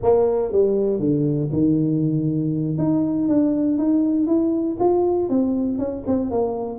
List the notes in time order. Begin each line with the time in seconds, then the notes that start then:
0.02 A#3
0.52 G3
0.99 D3
1.52 D#3
2.78 D#4
3.28 D4
3.78 D#4
4.26 E4
4.79 F4
5.29 C4
5.78 C#4
6.06 C4
6.30 A#3